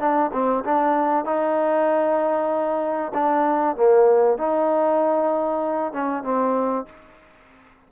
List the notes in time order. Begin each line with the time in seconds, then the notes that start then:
0.00 D4
0.33 C4
0.65 D4
1.25 D#4
3.14 D4
3.76 A#3
4.38 D#4
5.93 C#4
6.23 C4